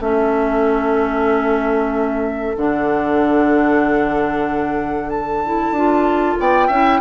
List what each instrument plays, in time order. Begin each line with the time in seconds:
0.00 bassoon A3, clarinet C#4, oboe A4, flute E5
2.57 bassoon D3, clarinet D4, flute F#5
5.10 flute A5
5.45 clarinet E4
5.71 bassoon D4, clarinet F4
6.39 bassoon B3, oboe D5, flute G5
6.68 bassoon C#4, clarinet E4, oboe E5